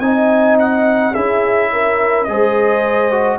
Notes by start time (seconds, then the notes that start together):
0.00 C4 D#4 D#5 G#5
0.59 F#5
1.12 C#4 E4 G#4 E5
1.73 A#4
2.24 G#3 G#4 D#5
2.31 C5
3.12 F#4